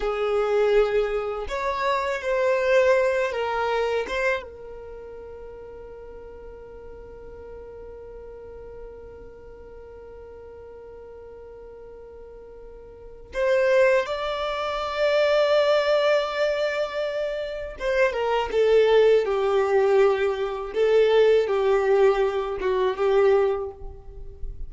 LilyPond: \new Staff \with { instrumentName = "violin" } { \time 4/4 \tempo 4 = 81 gis'2 cis''4 c''4~ | c''8 ais'4 c''8 ais'2~ | ais'1~ | ais'1~ |
ais'2 c''4 d''4~ | d''1 | c''8 ais'8 a'4 g'2 | a'4 g'4. fis'8 g'4 | }